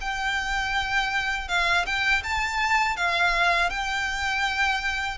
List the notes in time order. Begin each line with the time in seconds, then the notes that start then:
0.00 G5
1.48 F5
1.85 G5
2.23 A5
2.96 F5
3.69 G5